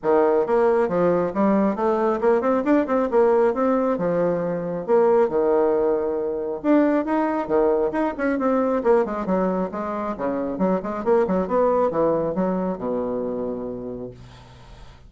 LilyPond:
\new Staff \with { instrumentName = "bassoon" } { \time 4/4 \tempo 4 = 136 dis4 ais4 f4 g4 | a4 ais8 c'8 d'8 c'8 ais4 | c'4 f2 ais4 | dis2. d'4 |
dis'4 dis4 dis'8 cis'8 c'4 | ais8 gis8 fis4 gis4 cis4 | fis8 gis8 ais8 fis8 b4 e4 | fis4 b,2. | }